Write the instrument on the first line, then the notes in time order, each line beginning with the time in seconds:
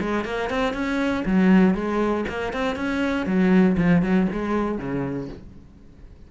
cello
0.00 G#3
0.24 A#3
0.50 C4
0.73 C#4
1.25 F#3
1.74 G#3
2.28 A#3
2.53 C4
2.75 C#4
3.26 F#3
3.77 F3
4.02 F#3
4.32 G#3
4.78 C#3